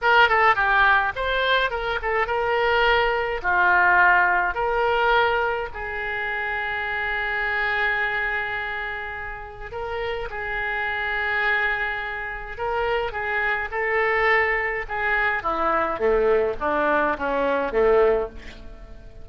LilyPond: \new Staff \with { instrumentName = "oboe" } { \time 4/4 \tempo 4 = 105 ais'8 a'8 g'4 c''4 ais'8 a'8 | ais'2 f'2 | ais'2 gis'2~ | gis'1~ |
gis'4 ais'4 gis'2~ | gis'2 ais'4 gis'4 | a'2 gis'4 e'4 | a4 d'4 cis'4 a4 | }